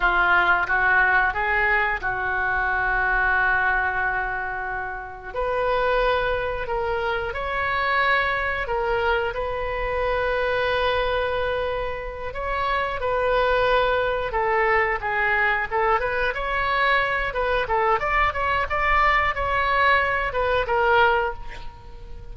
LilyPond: \new Staff \with { instrumentName = "oboe" } { \time 4/4 \tempo 4 = 90 f'4 fis'4 gis'4 fis'4~ | fis'1 | b'2 ais'4 cis''4~ | cis''4 ais'4 b'2~ |
b'2~ b'8 cis''4 b'8~ | b'4. a'4 gis'4 a'8 | b'8 cis''4. b'8 a'8 d''8 cis''8 | d''4 cis''4. b'8 ais'4 | }